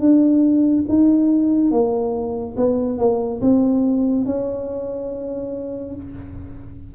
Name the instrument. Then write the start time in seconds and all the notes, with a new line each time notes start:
tuba
0.00 D4
0.89 D#4
1.71 A#3
2.57 B3
2.98 A#3
3.41 C4
4.26 C#4